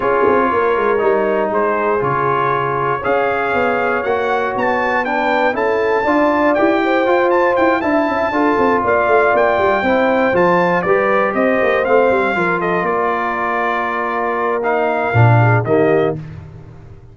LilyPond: <<
  \new Staff \with { instrumentName = "trumpet" } { \time 4/4 \tempo 4 = 119 cis''2. c''4 | cis''2 f''2 | fis''4 a''4 g''4 a''4~ | a''4 g''4. a''8 g''8 a''8~ |
a''4. f''4 g''4.~ | g''8 a''4 d''4 dis''4 f''8~ | f''4 dis''8 d''2~ d''8~ | d''4 f''2 dis''4 | }
  \new Staff \with { instrumentName = "horn" } { \time 4/4 gis'4 ais'2 gis'4~ | gis'2 cis''2~ | cis''2 b'4 a'4 | d''4. c''2 e''8~ |
e''8 a'4 d''2 c''8~ | c''4. b'4 c''4.~ | c''8 ais'8 a'8 ais'2~ ais'8~ | ais'2~ ais'8 gis'8 g'4 | }
  \new Staff \with { instrumentName = "trombone" } { \time 4/4 f'2 dis'2 | f'2 gis'2 | fis'2 d'4 e'4 | f'4 g'4 f'4. e'8~ |
e'8 f'2. e'8~ | e'8 f'4 g'2 c'8~ | c'8 f'2.~ f'8~ | f'4 dis'4 d'4 ais4 | }
  \new Staff \with { instrumentName = "tuba" } { \time 4/4 cis'8 c'8 ais8 gis8 g4 gis4 | cis2 cis'4 b4 | ais4 b2 cis'4 | d'4 e'4 f'4 e'8 d'8 |
cis'8 d'8 c'8 ais8 a8 ais8 g8 c'8~ | c'8 f4 g4 c'8 ais8 a8 | g8 f4 ais2~ ais8~ | ais2 ais,4 dis4 | }
>>